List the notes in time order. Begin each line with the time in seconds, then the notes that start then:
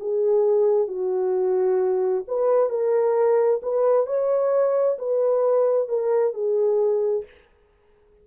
0.00 G#4
0.88 F#4
2.27 B4
2.69 A#4
3.62 B4
4.06 C#5
4.98 B4
5.88 A#4
6.33 G#4